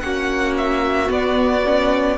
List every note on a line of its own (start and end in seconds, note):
0.00 1.10 A#3
0.00 1.08 C#4
0.00 2.17 F#4
0.00 0.54 F#5
0.57 1.11 E5
1.08 1.61 B3
1.08 2.17 B3
1.08 2.17 D5
1.65 2.17 C#4